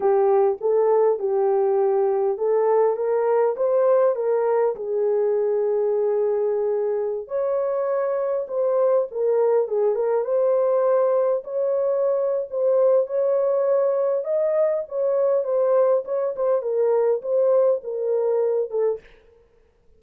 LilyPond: \new Staff \with { instrumentName = "horn" } { \time 4/4 \tempo 4 = 101 g'4 a'4 g'2 | a'4 ais'4 c''4 ais'4 | gis'1~ | gis'16 cis''2 c''4 ais'8.~ |
ais'16 gis'8 ais'8 c''2 cis''8.~ | cis''4 c''4 cis''2 | dis''4 cis''4 c''4 cis''8 c''8 | ais'4 c''4 ais'4. a'8 | }